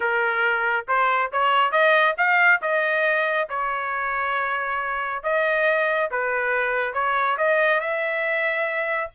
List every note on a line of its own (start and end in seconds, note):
0.00 0.86 A#4
0.88 1.31 C5
1.31 1.71 C#5
1.71 2.15 D#5
2.17 2.60 F5
2.61 3.48 D#5
3.49 5.23 C#5
5.23 6.10 D#5
6.10 6.93 B4
6.93 7.37 C#5
7.37 7.80 D#5
7.80 9.10 E5